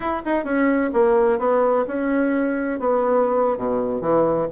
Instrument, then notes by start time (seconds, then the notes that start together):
bassoon
0.00 E4
0.25 D#4
0.44 C#4
0.93 A#3
1.38 B3
1.87 C#4
2.79 B3
3.57 B2
4.01 E3